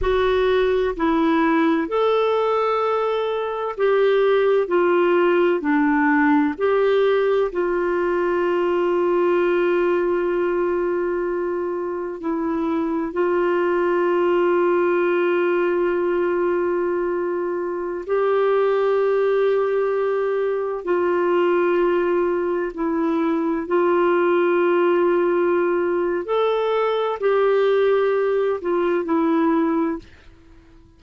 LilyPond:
\new Staff \with { instrumentName = "clarinet" } { \time 4/4 \tempo 4 = 64 fis'4 e'4 a'2 | g'4 f'4 d'4 g'4 | f'1~ | f'4 e'4 f'2~ |
f'2.~ f'16 g'8.~ | g'2~ g'16 f'4.~ f'16~ | f'16 e'4 f'2~ f'8. | a'4 g'4. f'8 e'4 | }